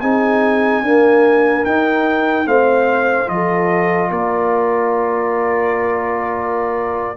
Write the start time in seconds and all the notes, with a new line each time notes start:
0.00 C4 D#4 G#4 G#5
0.82 A#3 D4 A#4
1.65 D#4 G5
2.45 A3 C4 C5 F5
3.25 F3 F4 D#5
3.33 A4
4.09 A#3 A#4 D5